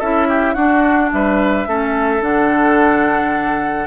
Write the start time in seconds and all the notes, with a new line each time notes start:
0.00 C#4 E4 A4 E5
0.29 G4
0.54 D4 F#4 F#5
1.12 G3 B4 E5
1.67 A3 C#4 A4
2.21 D3 D4 F#5